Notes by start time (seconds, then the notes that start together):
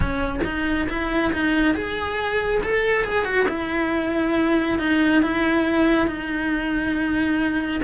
0.00 C#4
0.44 D#4
0.89 E4
1.32 D#4
1.74 G#4
2.62 A4
3.04 G#4
3.24 F#4
3.48 E4
4.78 D#4
5.22 E4
6.07 D#4